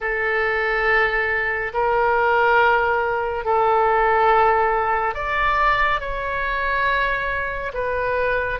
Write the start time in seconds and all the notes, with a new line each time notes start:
0.00 A4
1.73 A#4
3.44 A4
5.14 D5
6.00 C#5
7.73 B4